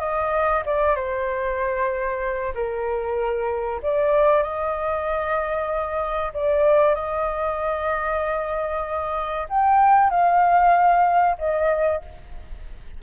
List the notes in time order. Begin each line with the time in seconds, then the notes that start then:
0.00 D#5
0.66 D5
0.96 C5
2.55 A#4
3.83 D5
4.43 D#5
6.34 D5
6.95 D#5
9.50 G5
10.11 F5
11.39 D#5